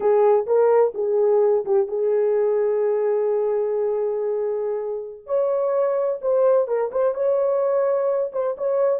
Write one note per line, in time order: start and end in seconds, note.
0.00 0.46 G#4
0.46 0.93 A#4
0.94 1.64 G#4
1.65 1.87 G4
1.87 5.26 G#4
5.26 6.20 C#5
6.21 6.67 C5
6.67 6.91 A#4
6.91 7.14 C5
7.14 8.31 C#5
8.32 8.55 C5
8.57 9.00 C#5